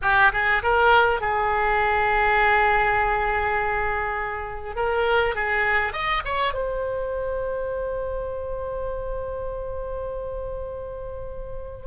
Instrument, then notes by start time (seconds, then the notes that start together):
oboe
0.02 G4
0.32 G#4
0.62 A#4
1.20 G#4
4.75 A#4
5.35 G#4
5.92 D#5
6.24 C#5
6.53 C5